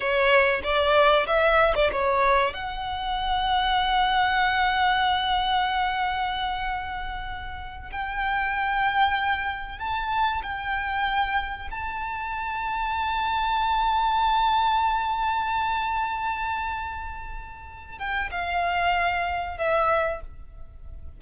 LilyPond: \new Staff \with { instrumentName = "violin" } { \time 4/4 \tempo 4 = 95 cis''4 d''4 e''8. d''16 cis''4 | fis''1~ | fis''1~ | fis''8 g''2. a''8~ |
a''8 g''2 a''4.~ | a''1~ | a''1~ | a''8 g''8 f''2 e''4 | }